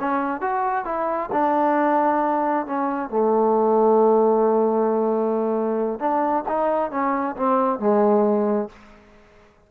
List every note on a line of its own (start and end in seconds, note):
0.00 0.41 C#4
0.41 0.85 F#4
0.85 1.30 E4
1.32 2.66 D4
2.66 3.10 C#4
3.10 5.99 A3
5.99 6.44 D4
6.48 6.91 D#4
6.91 7.36 C#4
7.36 7.80 C4
7.80 8.69 G#3